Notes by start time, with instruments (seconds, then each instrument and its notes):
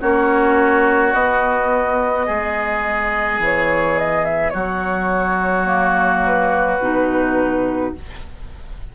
0.00 bassoon A#3, clarinet C#4, oboe F#4, flute C#5
1.13 clarinet B3, bassoon B3, flute D#5
2.26 bassoon G#3, oboe G#4
3.38 bassoon E3, flute C#5
3.98 flute D#5
4.25 flute E5
4.49 bassoon F#3, oboe F#4, flute C#5
5.64 clarinet A#3
6.25 flute B4
6.79 bassoon B2, clarinet D#4